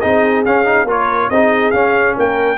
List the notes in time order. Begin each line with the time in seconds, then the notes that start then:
0.00 C4 D#4 G#4 D#5
0.45 C#4 F5
0.65 D#4
0.84 A#3 F4 A#4
0.91 C#5
1.29 C4 D#4 G#4 D#5
1.71 C#4 F5
2.17 A#3 A#4 G5